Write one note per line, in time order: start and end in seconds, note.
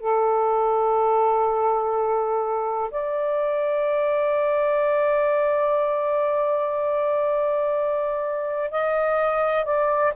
0.00 2.90 A4
2.91 8.71 D5
8.71 9.65 D#5
9.65 10.13 D5